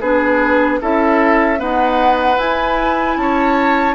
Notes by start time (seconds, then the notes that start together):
0.00 B3 D4 G#4 B4
0.81 C#4 E4 A4 E5
1.57 B3 D#4 B4 F#5
2.38 E4 G#5
3.16 C#4 C#5 A5